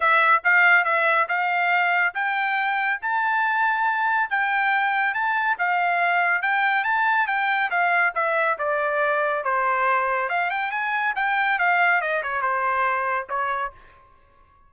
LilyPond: \new Staff \with { instrumentName = "trumpet" } { \time 4/4 \tempo 4 = 140 e''4 f''4 e''4 f''4~ | f''4 g''2 a''4~ | a''2 g''2 | a''4 f''2 g''4 |
a''4 g''4 f''4 e''4 | d''2 c''2 | f''8 g''8 gis''4 g''4 f''4 | dis''8 cis''8 c''2 cis''4 | }